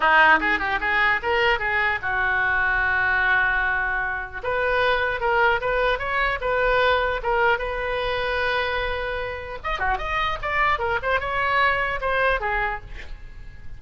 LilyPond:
\new Staff \with { instrumentName = "oboe" } { \time 4/4 \tempo 4 = 150 dis'4 gis'8 g'8 gis'4 ais'4 | gis'4 fis'2.~ | fis'2. b'4~ | b'4 ais'4 b'4 cis''4 |
b'2 ais'4 b'4~ | b'1 | dis''8 fis'8 dis''4 d''4 ais'8 c''8 | cis''2 c''4 gis'4 | }